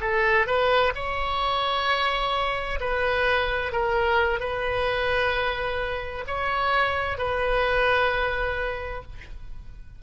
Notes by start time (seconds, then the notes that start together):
0.00 A4
0.46 B4
0.94 C#5
2.80 B4
3.72 A#4
4.39 B4
6.26 C#5
7.17 B4